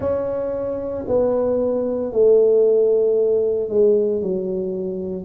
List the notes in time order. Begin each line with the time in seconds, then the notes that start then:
0.00 C#4
1.07 B3
2.12 A3
3.69 G#3
4.22 F#3